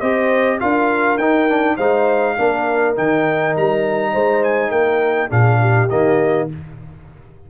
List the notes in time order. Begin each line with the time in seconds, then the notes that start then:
0.00 C4 G4 C5 D#5
0.60 D4 F4 A#4 F5
1.17 D#4 G5
1.49 D4
1.77 G#3 D#4 C5 F5
2.37 A#3 D4 A#4
2.95 D#3 D#4 G5
3.56 G3 A#5
4.12 G#3 C5
4.44 G#5
4.70 A#3 A#4 G5
5.30 A#2 D4 G#4 F5
5.61 G4
5.90 D#3 A#3 D#5